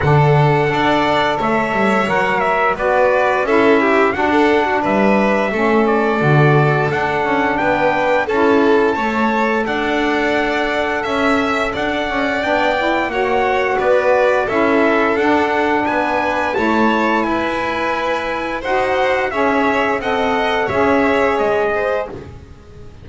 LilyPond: <<
  \new Staff \with { instrumentName = "trumpet" } { \time 4/4 \tempo 4 = 87 fis''2 e''4 fis''8 e''8 | d''4 e''4 fis''4 e''4~ | e''8 d''4. fis''4 g''4 | a''2 fis''2 |
e''4 fis''4 g''4 fis''4 | d''4 e''4 fis''4 gis''4 | a''4 gis''2 fis''4 | e''4 fis''4 e''4 dis''4 | }
  \new Staff \with { instrumentName = "violin" } { \time 4/4 a'4 d''4 cis''2 | b'4 a'8 g'8 fis'16 a'8 fis'16 b'4 | a'2. b'4 | a'4 cis''4 d''2 |
e''4 d''2 cis''4 | b'4 a'2 b'4 | cis''4 b'2 c''4 | cis''4 dis''4 cis''4. c''8 | }
  \new Staff \with { instrumentName = "saxophone" } { \time 4/4 d'4 a'2 ais'4 | fis'4 e'4 d'2 | cis'4 fis'4 d'2 | e'4 a'2.~ |
a'2 d'8 e'8 fis'4~ | fis'4 e'4 d'2 | e'2. fis'4 | gis'4 a'4 gis'2 | }
  \new Staff \with { instrumentName = "double bass" } { \time 4/4 d4 d'4 a8 g8 fis4 | b4 cis'4 d'4 g4 | a4 d4 d'8 cis'8 b4 | cis'4 a4 d'2 |
cis'4 d'8 cis'8 b4 ais4 | b4 cis'4 d'4 b4 | a4 e'2 dis'4 | cis'4 c'4 cis'4 gis4 | }
>>